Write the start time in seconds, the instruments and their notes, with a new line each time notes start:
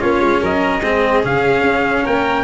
0.00 tuba A#3, cello C#4, violin F4, trumpet C#5
0.21 tuba G#3
0.41 tuba F#3, violin A#4, trumpet D#5
0.81 tuba G#3, cello C4, violin G#4
1.23 tuba C#3, cello C#4, trumpet F5
1.62 tuba C#4
2.04 tuba A#3, violin A#4, trumpet G5